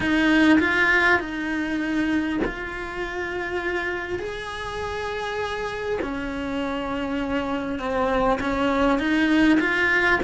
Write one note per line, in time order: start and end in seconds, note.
0.00 0.59 D#4
0.59 1.19 F4
1.19 2.39 D#4
2.44 4.19 F4
4.19 5.99 G#4
6.01 7.79 C#4
7.79 8.39 C4
8.40 8.98 C#4
8.98 9.58 D#4
9.60 10.20 F4